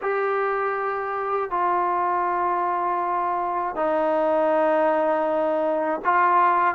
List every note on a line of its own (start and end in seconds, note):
0.01 1.50 G4
1.50 3.75 F4
3.75 6.00 D#4
6.04 6.75 F4